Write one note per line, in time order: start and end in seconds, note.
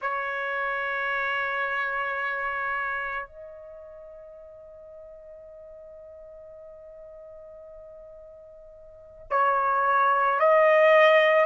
0.01 3.26 C#5
3.26 9.26 D#5
9.30 10.39 C#5
10.39 11.45 D#5